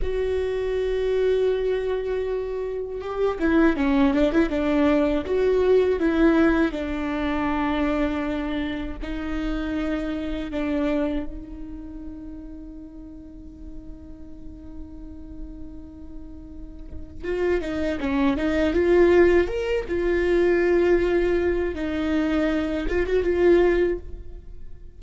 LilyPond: \new Staff \with { instrumentName = "viola" } { \time 4/4 \tempo 4 = 80 fis'1 | g'8 e'8 cis'8 d'16 e'16 d'4 fis'4 | e'4 d'2. | dis'2 d'4 dis'4~ |
dis'1~ | dis'2. f'8 dis'8 | cis'8 dis'8 f'4 ais'8 f'4.~ | f'4 dis'4. f'16 fis'16 f'4 | }